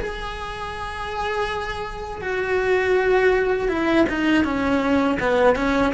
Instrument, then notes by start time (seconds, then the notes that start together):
cello
0.00 G#4
2.21 F#4
3.69 E4
4.09 D#4
4.44 C#4
5.20 B3
5.56 C#4